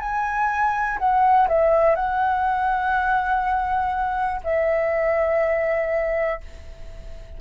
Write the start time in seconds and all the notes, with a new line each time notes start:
0.00 G#5
0.99 F#5
1.48 E5
1.96 F#5
4.44 E5